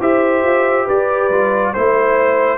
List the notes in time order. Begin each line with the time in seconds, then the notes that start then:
0.00 E4 G4 C5 E5
0.43 F4
0.85 G4 B4 D5
1.30 G3 F4
1.73 A3 E4 C5